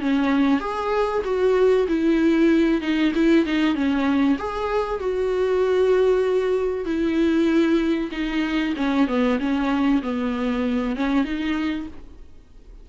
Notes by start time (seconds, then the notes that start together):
0.00 C#4
0.60 G#4
1.24 F#4
1.88 E4
2.81 D#4
3.15 E4
3.45 D#4
3.74 C#4
4.38 G#4
4.99 F#4
6.85 E4
8.11 D#4
8.76 C#4
9.07 B3
9.39 C#4
10.02 B3
10.96 C#4
11.24 D#4